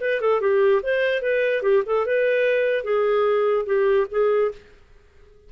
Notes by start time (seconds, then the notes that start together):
0.00 B4
0.20 A4
0.41 G4
0.82 C5
1.22 B4
1.62 G4
1.86 A4
2.06 B4
2.84 G#4
3.66 G4
4.10 G#4